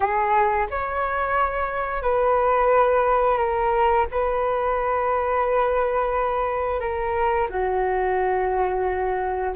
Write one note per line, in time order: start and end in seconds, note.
0.00 0.67 G#4
0.70 2.02 C#5
2.02 3.37 B4
3.37 4.06 A#4
4.11 6.79 B4
6.79 7.48 A#4
7.49 9.54 F#4